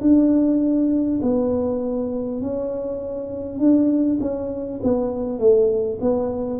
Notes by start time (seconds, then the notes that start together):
0.00 D4
1.22 B3
2.41 C#4
3.58 D4
4.20 C#4
4.83 B3
5.38 A3
6.01 B3